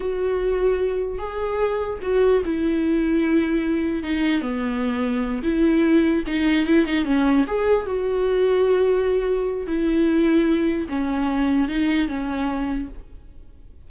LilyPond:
\new Staff \with { instrumentName = "viola" } { \time 4/4 \tempo 4 = 149 fis'2. gis'4~ | gis'4 fis'4 e'2~ | e'2 dis'4 b4~ | b4. e'2 dis'8~ |
dis'8 e'8 dis'8 cis'4 gis'4 fis'8~ | fis'1 | e'2. cis'4~ | cis'4 dis'4 cis'2 | }